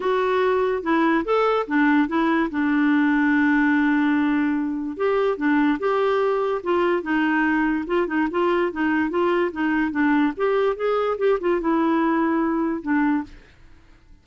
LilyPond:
\new Staff \with { instrumentName = "clarinet" } { \time 4/4 \tempo 4 = 145 fis'2 e'4 a'4 | d'4 e'4 d'2~ | d'1 | g'4 d'4 g'2 |
f'4 dis'2 f'8 dis'8 | f'4 dis'4 f'4 dis'4 | d'4 g'4 gis'4 g'8 f'8 | e'2. d'4 | }